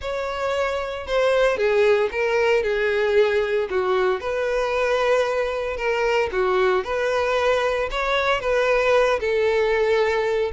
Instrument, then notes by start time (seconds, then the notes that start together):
violin
0.01 C#5
1.06 C5
1.57 G#4
2.11 A#4
2.63 G#4
3.70 F#4
4.20 B4
5.76 A#4
6.32 F#4
6.84 B4
7.90 C#5
8.40 B4
9.20 A4